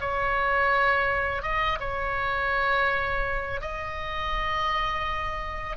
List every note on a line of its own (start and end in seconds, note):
0.00 1.42 C#5
1.42 1.78 D#5
1.80 3.60 C#5
3.61 5.76 D#5